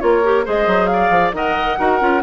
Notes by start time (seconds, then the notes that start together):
0.00 A#3 F4 A#4 C#5
0.24 G4
0.45 G#3 G#4 C5 D#5
0.67 F#3
0.87 F5
0.93 D5
1.10 F3
1.32 D#3 A#4 D#5 F#5
1.79 D#4 F#4 A#4
2.00 C#4 F4